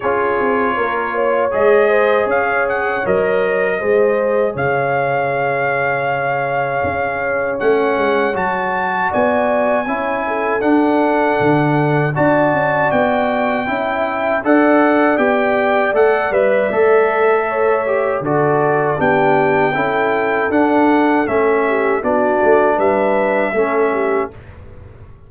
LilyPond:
<<
  \new Staff \with { instrumentName = "trumpet" } { \time 4/4 \tempo 4 = 79 cis''2 dis''4 f''8 fis''8 | dis''2 f''2~ | f''2 fis''4 a''4 | gis''2 fis''2 |
a''4 g''2 fis''4 | g''4 fis''8 e''2~ e''8 | d''4 g''2 fis''4 | e''4 d''4 e''2 | }
  \new Staff \with { instrumentName = "horn" } { \time 4/4 gis'4 ais'8 cis''4 c''8 cis''4~ | cis''4 c''4 cis''2~ | cis''1 | d''4 cis''8 a'2~ a'8 |
d''2 e''4 d''4~ | d''2. cis''4 | a'4 g'4 a'2~ | a'8 g'8 fis'4 b'4 a'8 g'8 | }
  \new Staff \with { instrumentName = "trombone" } { \time 4/4 f'2 gis'2 | ais'4 gis'2.~ | gis'2 cis'4 fis'4~ | fis'4 e'4 d'2 |
fis'2 e'4 a'4 | g'4 a'8 b'8 a'4. g'8 | fis'4 d'4 e'4 d'4 | cis'4 d'2 cis'4 | }
  \new Staff \with { instrumentName = "tuba" } { \time 4/4 cis'8 c'8 ais4 gis4 cis'4 | fis4 gis4 cis2~ | cis4 cis'4 a8 gis8 fis4 | b4 cis'4 d'4 d4 |
d'8 cis'8 b4 cis'4 d'4 | b4 a8 g8 a2 | d4 b4 cis'4 d'4 | a4 b8 a8 g4 a4 | }
>>